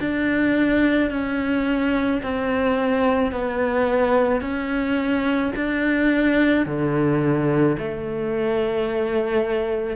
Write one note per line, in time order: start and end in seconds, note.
0.00 1.10 D4
1.10 2.21 C#4
2.22 3.31 C4
3.31 4.40 B3
4.40 5.52 C#4
5.56 6.65 D4
6.65 7.76 D3
7.78 9.96 A3